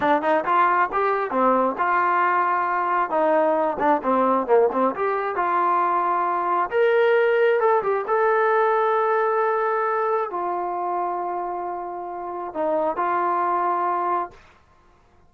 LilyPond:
\new Staff \with { instrumentName = "trombone" } { \time 4/4 \tempo 4 = 134 d'8 dis'8 f'4 g'4 c'4 | f'2. dis'4~ | dis'8 d'8 c'4 ais8 c'8 g'4 | f'2. ais'4~ |
ais'4 a'8 g'8 a'2~ | a'2. f'4~ | f'1 | dis'4 f'2. | }